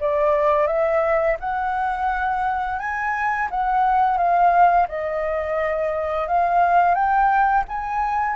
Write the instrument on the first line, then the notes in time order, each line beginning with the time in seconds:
flute
0.00 D5
0.67 E5
1.40 F#5
2.79 G#5
3.50 F#5
4.17 F5
4.88 D#5
6.28 F5
6.95 G5
7.68 G#5